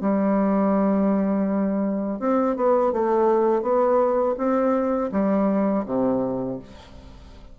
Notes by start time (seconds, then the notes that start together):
0.00 G3
2.19 C4
2.56 B3
2.92 A3
3.62 B3
4.37 C4
5.11 G3
5.85 C3